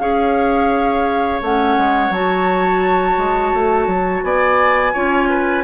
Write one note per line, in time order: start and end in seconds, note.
0.00 1.41 C#4
0.00 1.42 G#4
0.00 4.25 C#5
0.00 1.41 F5
1.42 1.78 A3
1.42 2.13 C#4
1.42 2.13 F#5
1.78 2.10 G#3
2.10 3.16 F#3
2.10 4.95 F#4
2.10 4.24 A5
3.18 3.53 G#3
3.54 3.87 A3
3.87 4.23 F#3
4.24 4.94 B3
4.24 4.94 D5
4.24 5.64 G#5
4.94 5.64 C#4
4.94 5.64 F4
4.94 5.29 C#5
5.30 5.64 B4